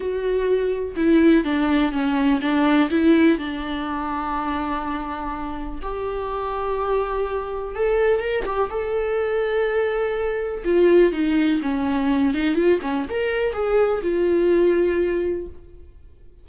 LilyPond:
\new Staff \with { instrumentName = "viola" } { \time 4/4 \tempo 4 = 124 fis'2 e'4 d'4 | cis'4 d'4 e'4 d'4~ | d'1 | g'1 |
a'4 ais'8 g'8 a'2~ | a'2 f'4 dis'4 | cis'4. dis'8 f'8 cis'8 ais'4 | gis'4 f'2. | }